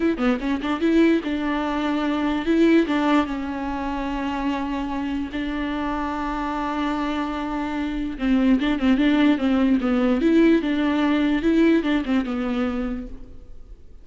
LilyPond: \new Staff \with { instrumentName = "viola" } { \time 4/4 \tempo 4 = 147 e'8 b8 cis'8 d'8 e'4 d'4~ | d'2 e'4 d'4 | cis'1~ | cis'4 d'2.~ |
d'1 | c'4 d'8 c'8 d'4 c'4 | b4 e'4 d'2 | e'4 d'8 c'8 b2 | }